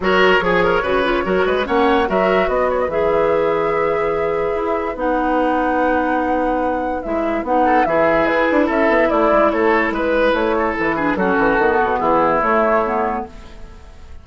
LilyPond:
<<
  \new Staff \with { instrumentName = "flute" } { \time 4/4 \tempo 4 = 145 cis''1 | fis''4 e''4 dis''8 cis''16 dis''16 e''4~ | e''1 | fis''1~ |
fis''4 e''4 fis''4 e''4 | b'4 e''4 d''4 cis''4 | b'4 cis''4 b'4 a'4~ | a'4 gis'4 cis''2 | }
  \new Staff \with { instrumentName = "oboe" } { \time 4/4 ais'4 gis'8 ais'8 b'4 ais'8 b'8 | cis''4 ais'4 b'2~ | b'1~ | b'1~ |
b'2~ b'8 a'8 gis'4~ | gis'4 a'4 e'4 a'4 | b'4. a'4 gis'8 fis'4~ | fis'4 e'2. | }
  \new Staff \with { instrumentName = "clarinet" } { \time 4/4 fis'4 gis'4 fis'8 f'8 fis'4 | cis'4 fis'2 gis'4~ | gis'1 | dis'1~ |
dis'4 e'4 dis'4 e'4~ | e'1~ | e'2~ e'8 d'8 cis'4 | b2 a4 b4 | }
  \new Staff \with { instrumentName = "bassoon" } { \time 4/4 fis4 f4 cis4 fis8 gis8 | ais4 fis4 b4 e4~ | e2. e'4 | b1~ |
b4 gis4 b4 e4 | e'8 d'8 cis'8 b8 a8 gis8 a4 | gis4 a4 e4 fis8 e8 | dis8 b,8 e4 a2 | }
>>